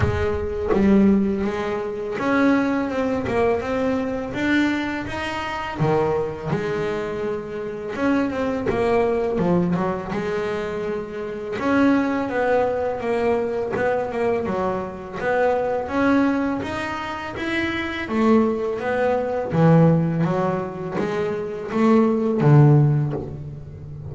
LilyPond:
\new Staff \with { instrumentName = "double bass" } { \time 4/4 \tempo 4 = 83 gis4 g4 gis4 cis'4 | c'8 ais8 c'4 d'4 dis'4 | dis4 gis2 cis'8 c'8 | ais4 f8 fis8 gis2 |
cis'4 b4 ais4 b8 ais8 | fis4 b4 cis'4 dis'4 | e'4 a4 b4 e4 | fis4 gis4 a4 d4 | }